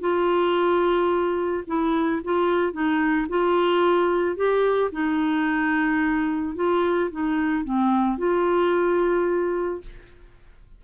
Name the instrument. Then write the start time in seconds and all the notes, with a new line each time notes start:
clarinet
0.00 F4
1.67 E4
2.24 F4
2.72 D#4
3.29 F4
4.36 G4
4.92 D#4
6.56 F4
7.11 D#4
7.64 C4
8.18 F4